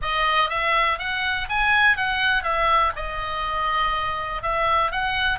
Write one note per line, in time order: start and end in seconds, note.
0.02 0.49 D#5
0.49 0.98 E5
0.99 1.48 F#5
1.49 1.96 G#5
1.96 2.43 F#5
2.43 2.92 E5
2.96 4.42 D#5
4.42 4.91 E5
4.91 5.38 F#5